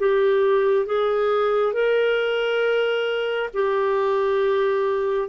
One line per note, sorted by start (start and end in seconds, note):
0.00 0.86 G4
0.86 1.74 G#4
1.74 3.50 A#4
3.54 5.29 G4